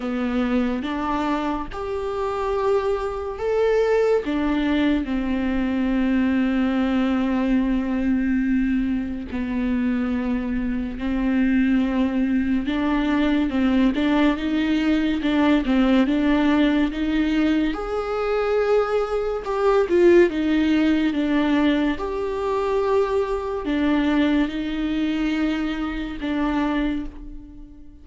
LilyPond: \new Staff \with { instrumentName = "viola" } { \time 4/4 \tempo 4 = 71 b4 d'4 g'2 | a'4 d'4 c'2~ | c'2. b4~ | b4 c'2 d'4 |
c'8 d'8 dis'4 d'8 c'8 d'4 | dis'4 gis'2 g'8 f'8 | dis'4 d'4 g'2 | d'4 dis'2 d'4 | }